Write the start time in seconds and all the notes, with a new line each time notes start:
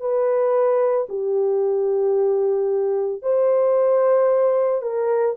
0.00 B4
1.09 G4
3.22 C5
4.82 A#4